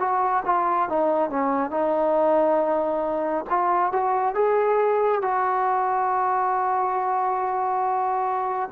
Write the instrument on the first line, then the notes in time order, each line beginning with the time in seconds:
trombone
0.00 F#4
0.46 F4
0.89 D#4
1.30 C#4
1.71 D#4
3.50 F4
3.93 F#4
4.35 G#4
5.22 F#4